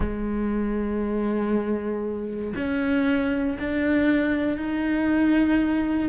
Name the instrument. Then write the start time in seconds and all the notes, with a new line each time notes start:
cello
0.00 G#3
2.55 C#4
3.59 D4
4.57 D#4